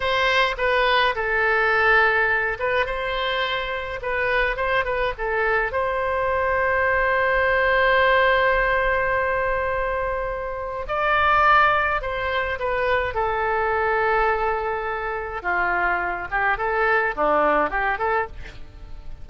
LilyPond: \new Staff \with { instrumentName = "oboe" } { \time 4/4 \tempo 4 = 105 c''4 b'4 a'2~ | a'8 b'8 c''2 b'4 | c''8 b'8 a'4 c''2~ | c''1~ |
c''2. d''4~ | d''4 c''4 b'4 a'4~ | a'2. f'4~ | f'8 g'8 a'4 d'4 g'8 a'8 | }